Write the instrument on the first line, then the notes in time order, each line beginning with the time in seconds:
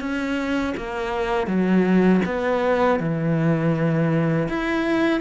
cello
0.00 C#4
0.76 A#3
1.47 F#3
2.25 B3
3.00 E3
4.48 E4